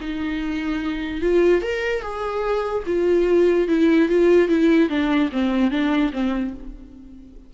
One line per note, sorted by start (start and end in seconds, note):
0.00 1.21 D#4
1.21 1.62 F4
1.62 2.02 A#4
2.02 2.83 G#4
2.86 3.68 F4
3.68 4.09 E4
4.09 4.48 F4
4.48 4.89 E4
4.89 5.30 D4
5.32 5.71 C4
5.71 6.12 D4
6.12 6.53 C4